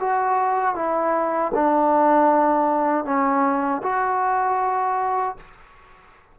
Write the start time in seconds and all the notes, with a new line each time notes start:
0.00 F#4
0.75 E4
1.54 D4
3.05 C#4
3.83 F#4